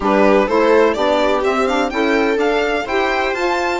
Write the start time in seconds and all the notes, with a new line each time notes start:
0.00 G3 D4 G4 B4
0.46 A3 E4 A4 C5
0.93 B3 D4 G4 D5
1.43 C4 E5
1.67 D4 F5
1.89 C#4 E4 A4 G5
2.36 D4 F5
2.85 E4 G4 C5 G5
3.33 F4 A5